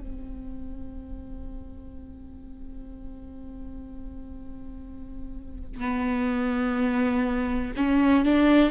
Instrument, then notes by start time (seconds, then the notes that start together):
viola
0.00 C4
5.80 B3
7.77 C#4
8.25 D4